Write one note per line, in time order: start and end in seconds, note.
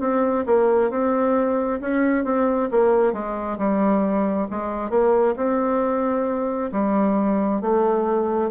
0.00 0.45 C4
0.46 0.90 A#3
0.90 1.80 C4
1.81 2.24 C#4
2.24 2.69 C4
2.71 3.13 A#3
3.13 3.58 G#3
3.58 4.47 G3
4.51 4.90 G#3
4.90 5.35 A#3
5.36 6.71 C4
6.72 7.61 G3
7.61 8.51 A3